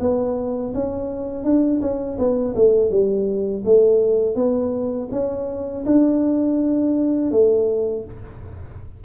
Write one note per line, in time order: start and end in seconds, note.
0.00 0.73 B3
0.74 1.44 C#4
1.44 1.81 D4
1.81 2.18 C#4
2.19 2.55 B3
2.55 2.91 A3
2.91 3.64 G3
3.65 4.35 A3
4.35 5.09 B3
5.11 5.84 C#4
5.86 7.31 D4
7.31 8.04 A3